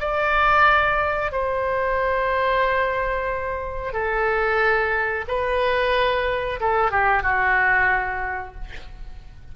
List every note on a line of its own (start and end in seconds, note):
0.00 1.32 D5
1.32 3.93 C5
3.93 5.25 A4
5.28 6.60 B4
6.60 6.91 A4
6.91 7.23 G4
7.23 8.54 F#4